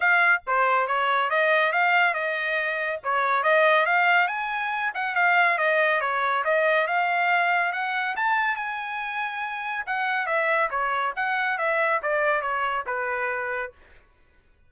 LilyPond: \new Staff \with { instrumentName = "trumpet" } { \time 4/4 \tempo 4 = 140 f''4 c''4 cis''4 dis''4 | f''4 dis''2 cis''4 | dis''4 f''4 gis''4. fis''8 | f''4 dis''4 cis''4 dis''4 |
f''2 fis''4 a''4 | gis''2. fis''4 | e''4 cis''4 fis''4 e''4 | d''4 cis''4 b'2 | }